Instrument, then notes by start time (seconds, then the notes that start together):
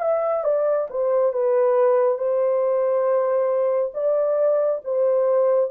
horn
0.00 E5
0.43 D5
0.89 C5
1.32 B4
2.17 C5
3.94 D5
4.84 C5